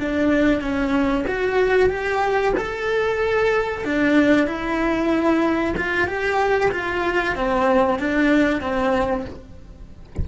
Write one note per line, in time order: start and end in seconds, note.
0.00 0.62 D4
0.62 1.25 C#4
1.28 1.90 F#4
1.90 2.54 G4
2.57 3.85 A4
3.85 4.47 D4
4.47 5.75 E4
5.77 6.07 F4
6.07 6.71 G4
6.72 7.35 F4
7.35 7.99 C4
7.99 8.61 D4
8.61 9.25 C4